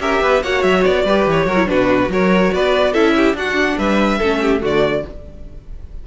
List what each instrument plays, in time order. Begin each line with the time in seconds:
0.00 cello C#4, viola G4, violin A#4 E5
0.22 cello B3, violin B4
0.43 cello A#3, viola F#4, violin C#5 F#5
0.63 cello F#3, violin E5
0.84 cello B3, violin D5
1.04 cello G3, viola G4, violin B4
1.26 cello E3, violin C#5
1.46 cello F#3, viola F#4, violin A#4
1.57 viola E4
1.66 cello B2, viola D4, violin F#4 B4
2.09 cello F#3, viola F#4, violin A#4 C#5
2.54 cello B3, violin B4 D5
2.92 cello C#4, viola E4, violin A4 E5
3.16 violin G4
3.34 cello D4, viola D4, violin F#4 F#5
3.77 cello G3, violin B4 E5
4.18 cello A3, viola C#4, violin A4
4.41 violin G4
4.60 cello D3, viola A3, violin F#4 D5